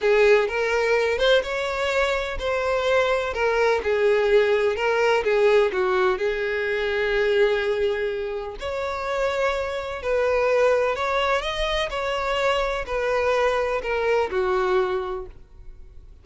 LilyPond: \new Staff \with { instrumentName = "violin" } { \time 4/4 \tempo 4 = 126 gis'4 ais'4. c''8 cis''4~ | cis''4 c''2 ais'4 | gis'2 ais'4 gis'4 | fis'4 gis'2.~ |
gis'2 cis''2~ | cis''4 b'2 cis''4 | dis''4 cis''2 b'4~ | b'4 ais'4 fis'2 | }